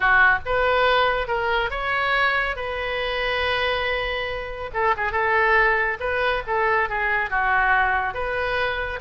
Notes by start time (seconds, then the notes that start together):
0.00 F#4
0.45 B4
1.27 A#4
1.70 C#5
2.56 B4
4.73 A4
4.96 G#4
5.12 A4
6.00 B4
6.46 A4
6.89 G#4
7.30 F#4
8.14 B4